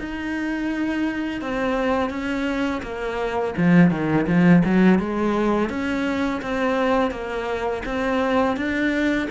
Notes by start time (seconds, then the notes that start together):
0.00 D#4
1.42 C4
2.10 C#4
2.83 A#3
3.58 F3
3.91 D#3
4.27 F3
4.65 F#3
4.99 G#3
5.70 C#4
6.42 C4
7.11 A#3
7.86 C4
8.57 D4